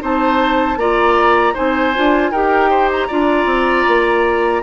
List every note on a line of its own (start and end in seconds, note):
0.00 0.76 C4
0.00 0.77 D#4
0.00 0.79 C5
0.00 0.78 A5
0.76 1.53 A#3
0.76 1.54 F4
0.76 1.54 D5
0.76 1.55 A#5
1.54 1.97 C4
1.54 1.93 D#4
1.54 2.31 C5
1.54 2.32 G#5
1.95 2.31 D4
1.95 2.33 F4
2.31 3.08 D#4
2.31 3.10 G4
2.31 2.70 A#4
2.31 2.90 G5
2.70 3.08 C5
2.92 4.63 A#5
3.08 3.46 D4
3.08 4.63 F4
3.08 4.62 D5
3.46 3.84 C4
3.87 4.63 A#3